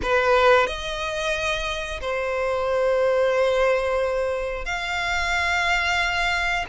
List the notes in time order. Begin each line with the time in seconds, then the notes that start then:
0.02 B4
0.67 D#5
2.00 C5
4.65 F5